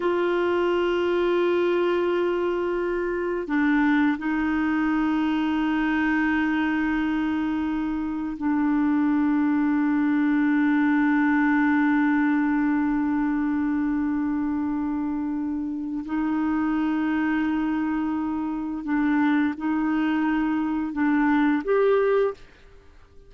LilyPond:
\new Staff \with { instrumentName = "clarinet" } { \time 4/4 \tempo 4 = 86 f'1~ | f'4 d'4 dis'2~ | dis'1 | d'1~ |
d'1~ | d'2. dis'4~ | dis'2. d'4 | dis'2 d'4 g'4 | }